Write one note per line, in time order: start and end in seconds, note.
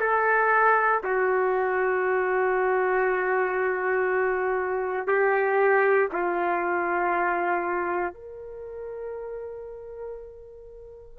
0.00 1.02 A4
1.04 5.07 F#4
5.07 6.09 G4
6.13 8.14 F4
8.14 11.19 A#4